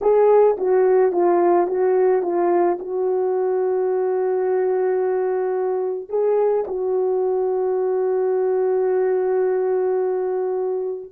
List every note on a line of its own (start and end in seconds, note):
0.01 0.57 G#4
0.57 1.11 F#4
1.11 1.67 F4
1.67 2.22 F#4
2.22 2.78 F4
2.79 6.09 F#4
6.09 6.64 G#4
6.67 11.11 F#4